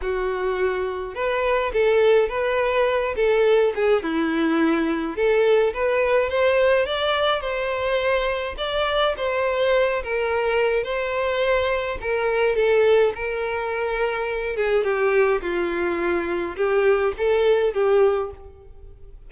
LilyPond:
\new Staff \with { instrumentName = "violin" } { \time 4/4 \tempo 4 = 105 fis'2 b'4 a'4 | b'4. a'4 gis'8 e'4~ | e'4 a'4 b'4 c''4 | d''4 c''2 d''4 |
c''4. ais'4. c''4~ | c''4 ais'4 a'4 ais'4~ | ais'4. gis'8 g'4 f'4~ | f'4 g'4 a'4 g'4 | }